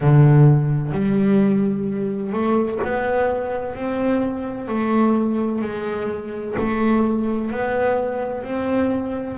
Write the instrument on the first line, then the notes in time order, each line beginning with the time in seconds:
double bass
0.00 D3
0.92 G3
2.32 A3
2.84 B3
3.75 C4
4.67 A3
5.61 G#3
6.58 A3
7.50 B3
8.43 C4